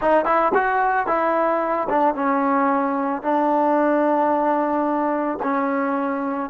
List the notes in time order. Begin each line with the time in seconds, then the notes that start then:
0.01 D#4
0.25 E4
0.54 F#4
1.07 E4
1.89 D4
2.14 C#4
3.22 D4
5.42 C#4